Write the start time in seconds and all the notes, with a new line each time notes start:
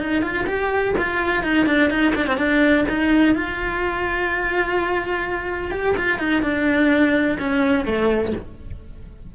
0.00 D#4
0.22 F4
0.47 G4
0.98 F4
1.43 D#4
1.66 D4
1.90 D#4
2.15 D4
2.27 C4
2.37 D4
2.89 D#4
3.35 F4
5.71 G4
5.97 F4
6.19 D#4
6.42 D4
7.39 C#4
7.85 A3